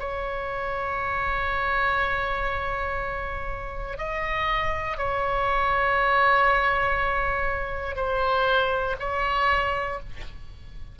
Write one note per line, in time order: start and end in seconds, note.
0.00 3.98 C#5
3.98 4.98 D#5
4.98 7.96 C#5
7.96 8.96 C5
9.00 10.00 C#5